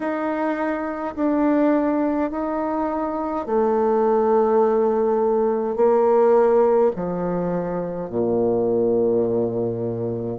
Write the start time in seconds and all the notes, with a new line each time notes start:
0.00 D#4
1.15 D4
2.30 D#4
3.46 A3
5.76 A#3
6.95 F3
8.09 A#2